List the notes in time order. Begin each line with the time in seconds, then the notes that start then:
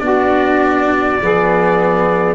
0.00 B3 D4 F#4 D5
1.21 F3 B3 G#4